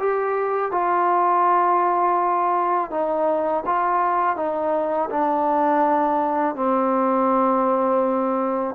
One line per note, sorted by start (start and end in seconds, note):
0.00 0.72 G4
0.72 2.91 F4
2.91 3.65 D#4
3.66 4.37 F4
4.37 5.10 D#4
5.11 6.56 D4
6.56 8.76 C4